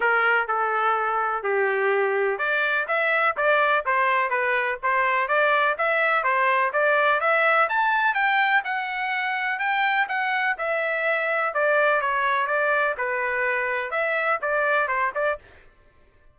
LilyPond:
\new Staff \with { instrumentName = "trumpet" } { \time 4/4 \tempo 4 = 125 ais'4 a'2 g'4~ | g'4 d''4 e''4 d''4 | c''4 b'4 c''4 d''4 | e''4 c''4 d''4 e''4 |
a''4 g''4 fis''2 | g''4 fis''4 e''2 | d''4 cis''4 d''4 b'4~ | b'4 e''4 d''4 c''8 d''8 | }